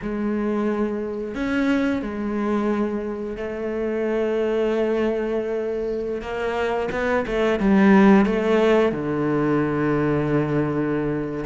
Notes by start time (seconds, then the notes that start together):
0.02 G#3
1.34 C#4
2.02 G#3
3.36 A3
6.21 A#3
6.91 B3
7.26 A3
7.59 G3
8.25 A3
8.92 D3